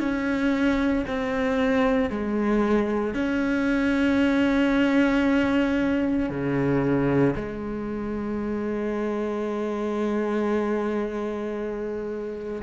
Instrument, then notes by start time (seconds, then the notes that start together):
cello
0.00 C#4
1.08 C4
2.11 G#3
3.14 C#4
6.30 C#3
7.36 G#3